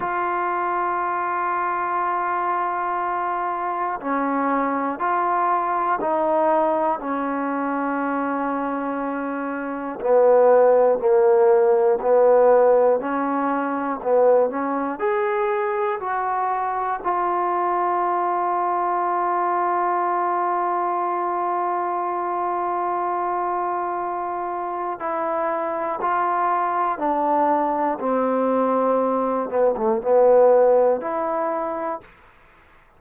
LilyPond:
\new Staff \with { instrumentName = "trombone" } { \time 4/4 \tempo 4 = 60 f'1 | cis'4 f'4 dis'4 cis'4~ | cis'2 b4 ais4 | b4 cis'4 b8 cis'8 gis'4 |
fis'4 f'2.~ | f'1~ | f'4 e'4 f'4 d'4 | c'4. b16 a16 b4 e'4 | }